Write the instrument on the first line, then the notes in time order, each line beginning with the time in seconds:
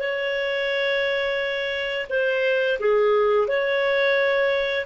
clarinet
0.00 C#5
2.10 C5
2.80 G#4
3.48 C#5